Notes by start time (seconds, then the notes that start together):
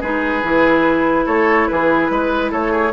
0.00 G#3 D#4 G#4 B4
0.43 E3 E4
1.26 A3 A4 C#5
1.67 E3 G#4 B4
2.10 G#3 B4
2.51 A3 A4 C#5
2.71 G#4